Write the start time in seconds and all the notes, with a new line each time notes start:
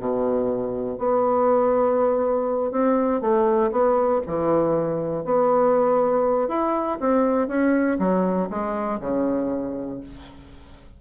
0.00 B2
0.98 B3
2.72 C4
3.21 A3
3.72 B3
4.27 E3
5.25 B3
6.49 E4
7.00 C4
7.48 C#4
7.99 F#3
8.50 G#3
9.01 C#3